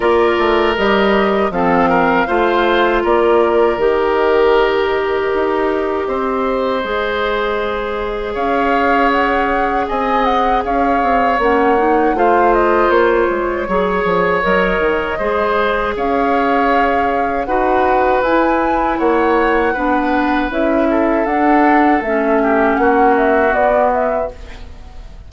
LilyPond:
<<
  \new Staff \with { instrumentName = "flute" } { \time 4/4 \tempo 4 = 79 d''4 dis''4 f''2 | d''4 dis''2.~ | dis''2. f''4 | fis''4 gis''8 fis''8 f''4 fis''4 |
f''8 dis''8 cis''2 dis''4~ | dis''4 f''2 fis''4 | gis''4 fis''2 e''4 | fis''4 e''4 fis''8 e''8 d''8 e''8 | }
  \new Staff \with { instrumentName = "oboe" } { \time 4/4 ais'2 a'8 ais'8 c''4 | ais'1 | c''2. cis''4~ | cis''4 dis''4 cis''2 |
c''2 cis''2 | c''4 cis''2 b'4~ | b'4 cis''4 b'4. a'8~ | a'4. g'8 fis'2 | }
  \new Staff \with { instrumentName = "clarinet" } { \time 4/4 f'4 g'4 c'4 f'4~ | f'4 g'2.~ | g'4 gis'2.~ | gis'2. cis'8 dis'8 |
f'2 gis'4 ais'4 | gis'2. fis'4 | e'2 d'4 e'4 | d'4 cis'2 b4 | }
  \new Staff \with { instrumentName = "bassoon" } { \time 4/4 ais8 a8 g4 f4 a4 | ais4 dis2 dis'4 | c'4 gis2 cis'4~ | cis'4 c'4 cis'8 c'8 ais4 |
a4 ais8 gis8 fis8 f8 fis8 dis8 | gis4 cis'2 dis'4 | e'4 ais4 b4 cis'4 | d'4 a4 ais4 b4 | }
>>